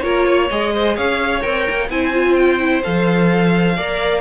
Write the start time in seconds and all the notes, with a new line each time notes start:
0.00 A#3 F4 A#4 C#5
0.26 C#5
0.50 G#3 G#4 D#5
0.74 C5
0.95 C#4 C#5 F5
1.41 C4 A#4 G5
1.70 A#3
1.89 C4 E4 C5 G#5
2.13 F4
2.34 G5
2.59 E4
2.84 F3 A4 F5
3.76 A#3 A#4 D5